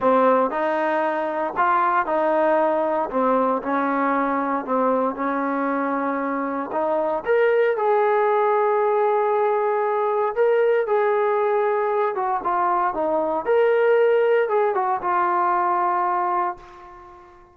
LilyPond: \new Staff \with { instrumentName = "trombone" } { \time 4/4 \tempo 4 = 116 c'4 dis'2 f'4 | dis'2 c'4 cis'4~ | cis'4 c'4 cis'2~ | cis'4 dis'4 ais'4 gis'4~ |
gis'1 | ais'4 gis'2~ gis'8 fis'8 | f'4 dis'4 ais'2 | gis'8 fis'8 f'2. | }